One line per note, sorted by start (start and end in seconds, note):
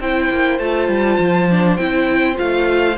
0.00 0.30 C4
0.00 0.60 E4
0.00 2.98 C5
0.00 0.59 G5
0.30 0.59 A#3
0.59 0.88 A3
0.59 1.49 F4
0.59 1.76 A5
0.88 1.18 G3
1.19 1.78 F3
1.50 1.79 D4
1.76 2.38 C4
1.76 2.35 E4
1.76 2.36 G5
2.35 2.98 A3
2.35 2.95 F4
2.35 2.98 F5